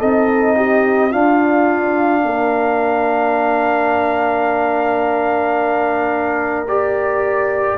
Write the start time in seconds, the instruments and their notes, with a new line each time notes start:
0.00 tuba C4, trombone D#4, horn A4, trumpet D#5
0.57 horn G4
1.11 trombone D4, tuba D4, horn F4, trumpet F5
2.24 tuba A#3, horn A#4
6.69 trombone G4, trumpet D5